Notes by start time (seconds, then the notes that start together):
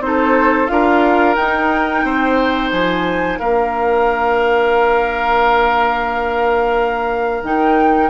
0.00 C4 D#4 C5
0.07 A4
0.68 D4 F4 A#4 F5
1.36 D#4 G5
2.04 C4 C5
2.71 F3 G#5
3.39 A#3 D4 A#4 F5
7.43 D#3 D#4 G5